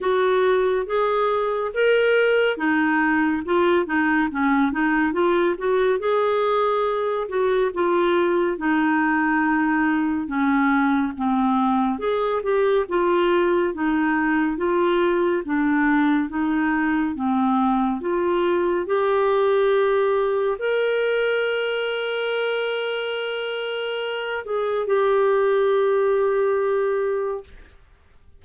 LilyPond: \new Staff \with { instrumentName = "clarinet" } { \time 4/4 \tempo 4 = 70 fis'4 gis'4 ais'4 dis'4 | f'8 dis'8 cis'8 dis'8 f'8 fis'8 gis'4~ | gis'8 fis'8 f'4 dis'2 | cis'4 c'4 gis'8 g'8 f'4 |
dis'4 f'4 d'4 dis'4 | c'4 f'4 g'2 | ais'1~ | ais'8 gis'8 g'2. | }